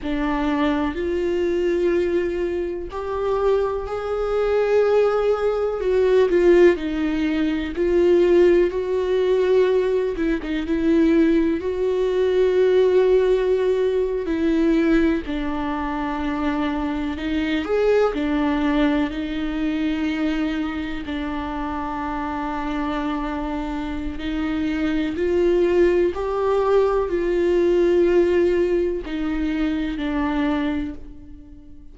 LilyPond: \new Staff \with { instrumentName = "viola" } { \time 4/4 \tempo 4 = 62 d'4 f'2 g'4 | gis'2 fis'8 f'8 dis'4 | f'4 fis'4. e'16 dis'16 e'4 | fis'2~ fis'8. e'4 d'16~ |
d'4.~ d'16 dis'8 gis'8 d'4 dis'16~ | dis'4.~ dis'16 d'2~ d'16~ | d'4 dis'4 f'4 g'4 | f'2 dis'4 d'4 | }